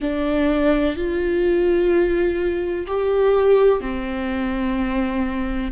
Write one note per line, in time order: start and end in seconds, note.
0.00 0.96 D4
0.96 2.86 F4
2.87 3.81 G4
3.81 5.71 C4